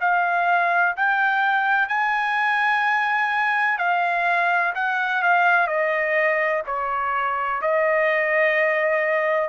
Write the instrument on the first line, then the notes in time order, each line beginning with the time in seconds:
trumpet
0.00 F5
0.96 G5
1.88 G#5
3.78 F5
4.74 F#5
5.22 F5
5.67 D#5
6.66 C#5
7.61 D#5